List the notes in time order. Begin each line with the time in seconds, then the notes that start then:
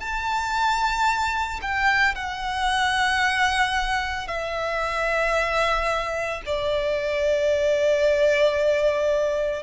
0.00 A5
1.62 G5
2.15 F#5
4.28 E5
6.46 D5